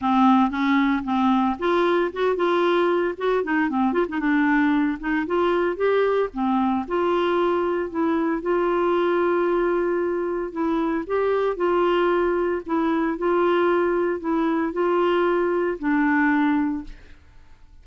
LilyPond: \new Staff \with { instrumentName = "clarinet" } { \time 4/4 \tempo 4 = 114 c'4 cis'4 c'4 f'4 | fis'8 f'4. fis'8 dis'8 c'8 f'16 dis'16 | d'4. dis'8 f'4 g'4 | c'4 f'2 e'4 |
f'1 | e'4 g'4 f'2 | e'4 f'2 e'4 | f'2 d'2 | }